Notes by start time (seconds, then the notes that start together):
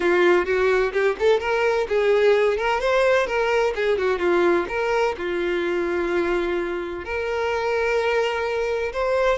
0.00 F4
0.45 F#4
0.92 G4
1.19 A4
1.40 A#4
1.88 G#4
2.57 A#4
2.80 C5
3.26 A#4
3.75 G#4
3.97 F#4
4.18 F4
4.68 A#4
5.17 F4
7.04 A#4
8.92 C5